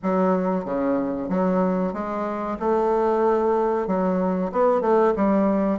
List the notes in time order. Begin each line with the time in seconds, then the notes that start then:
0.02 F#3
0.64 C#3
1.28 F#3
1.93 G#3
2.59 A3
3.87 F#3
4.52 B3
4.81 A3
5.16 G3